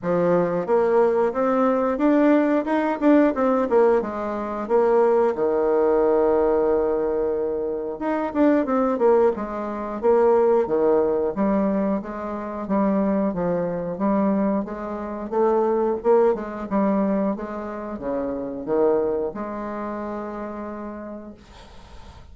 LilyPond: \new Staff \with { instrumentName = "bassoon" } { \time 4/4 \tempo 4 = 90 f4 ais4 c'4 d'4 | dis'8 d'8 c'8 ais8 gis4 ais4 | dis1 | dis'8 d'8 c'8 ais8 gis4 ais4 |
dis4 g4 gis4 g4 | f4 g4 gis4 a4 | ais8 gis8 g4 gis4 cis4 | dis4 gis2. | }